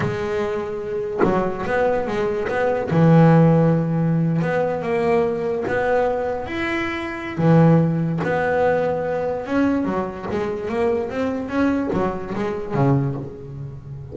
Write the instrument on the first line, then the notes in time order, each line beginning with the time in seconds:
double bass
0.00 G#3
1.23 F#3
1.66 B3
2.07 G#3
2.48 B3
2.90 E3
4.41 B3
4.82 A#3
5.67 B3
6.46 E4
7.37 E3
8.23 B3
9.46 C#4
9.85 F#3
10.31 G#3
10.68 A#3
11.10 C4
11.48 C#4
11.92 F#3
12.34 G#3
12.74 C#3